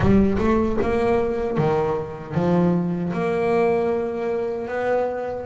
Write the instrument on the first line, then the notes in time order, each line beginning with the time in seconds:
double bass
0.00 G3
0.38 A3
0.81 A#3
1.57 D#3
2.34 F3
3.12 A#3
4.68 B3